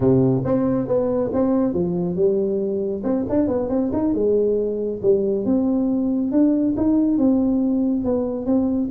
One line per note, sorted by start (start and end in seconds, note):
0.00 0.43 C3
0.45 0.87 C4
0.87 1.30 B3
1.33 1.73 C4
1.73 2.15 F3
2.15 3.02 G3
3.03 3.25 C4
3.29 3.47 D4
3.47 3.69 B3
3.69 3.91 C4
3.92 4.14 D#4
4.14 5.01 G#3
5.02 5.45 G3
5.45 6.31 C4
6.31 6.75 D4
6.76 7.18 D#4
7.18 8.04 C4
8.04 8.46 B3
8.46 8.89 C4